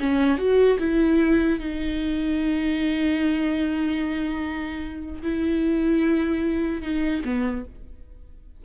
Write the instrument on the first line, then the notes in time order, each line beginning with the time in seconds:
viola
0.00 C#4
0.38 F#4
0.79 E4
1.60 D#4
5.23 E4
6.82 D#4
7.25 B3